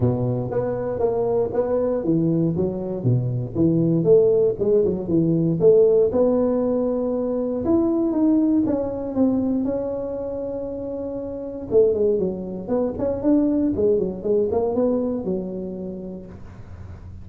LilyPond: \new Staff \with { instrumentName = "tuba" } { \time 4/4 \tempo 4 = 118 b,4 b4 ais4 b4 | e4 fis4 b,4 e4 | a4 gis8 fis8 e4 a4 | b2. e'4 |
dis'4 cis'4 c'4 cis'4~ | cis'2. a8 gis8 | fis4 b8 cis'8 d'4 gis8 fis8 | gis8 ais8 b4 fis2 | }